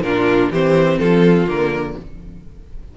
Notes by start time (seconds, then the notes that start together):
0.00 A#2 D4 F4 A#4
0.50 E3 C4 G4 C5
0.98 F3 F4 A4
1.47 D3 A#3 A#4